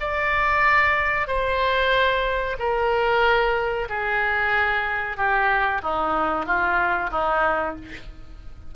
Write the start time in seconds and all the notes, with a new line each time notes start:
0.00 D5
1.28 C5
2.59 A#4
3.89 G#4
5.17 G4
5.83 D#4
6.46 F4
7.11 D#4